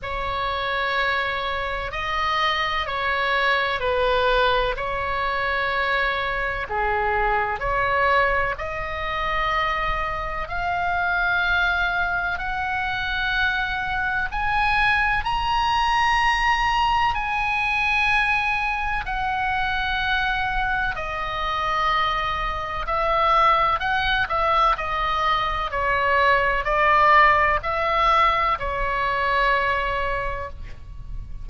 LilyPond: \new Staff \with { instrumentName = "oboe" } { \time 4/4 \tempo 4 = 63 cis''2 dis''4 cis''4 | b'4 cis''2 gis'4 | cis''4 dis''2 f''4~ | f''4 fis''2 gis''4 |
ais''2 gis''2 | fis''2 dis''2 | e''4 fis''8 e''8 dis''4 cis''4 | d''4 e''4 cis''2 | }